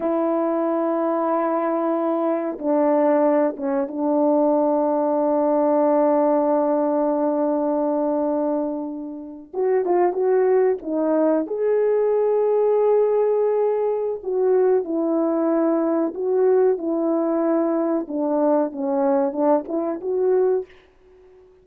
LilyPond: \new Staff \with { instrumentName = "horn" } { \time 4/4 \tempo 4 = 93 e'1 | d'4. cis'8 d'2~ | d'1~ | d'2~ d'8. fis'8 f'8 fis'16~ |
fis'8. dis'4 gis'2~ gis'16~ | gis'2 fis'4 e'4~ | e'4 fis'4 e'2 | d'4 cis'4 d'8 e'8 fis'4 | }